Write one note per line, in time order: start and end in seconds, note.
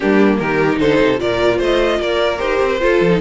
0.00 0.40 G3
0.00 0.71 A#3
0.00 0.39 D4
0.00 0.38 G4
0.38 0.80 D#3
0.38 0.80 G4
0.38 0.78 A#4
0.72 1.17 D#4
0.79 1.00 D3
0.79 1.20 A4
0.79 1.19 C5
1.01 1.20 C3
1.17 1.60 A#2
1.17 2.37 F4
1.17 1.57 A#4
1.17 1.60 D5
1.57 1.99 A3
1.57 1.97 C5
1.57 2.01 D#5
1.99 2.39 A#3
1.99 2.80 A#4
1.99 2.38 D5
2.38 2.60 D#4
2.38 2.78 G4
2.38 3.18 C5
2.61 2.81 C4
2.80 3.10 F4
2.80 3.01 F4
2.80 3.21 A4
3.01 3.21 F3
3.10 3.20 D#4